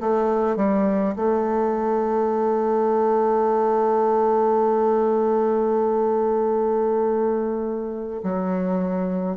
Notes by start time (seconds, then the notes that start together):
0.00 A3
0.56 G3
1.16 A3
8.22 F#3